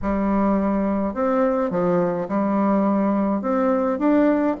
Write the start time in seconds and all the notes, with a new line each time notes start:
0.02 G3
1.14 C4
1.70 F3
2.28 G3
3.41 C4
3.98 D4